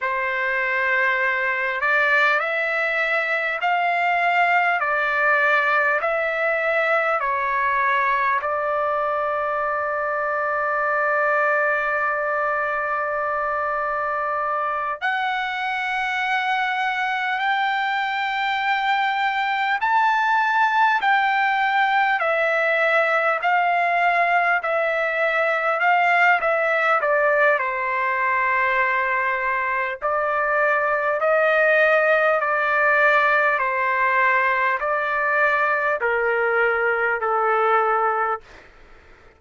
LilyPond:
\new Staff \with { instrumentName = "trumpet" } { \time 4/4 \tempo 4 = 50 c''4. d''8 e''4 f''4 | d''4 e''4 cis''4 d''4~ | d''1~ | d''8 fis''2 g''4.~ |
g''8 a''4 g''4 e''4 f''8~ | f''8 e''4 f''8 e''8 d''8 c''4~ | c''4 d''4 dis''4 d''4 | c''4 d''4 ais'4 a'4 | }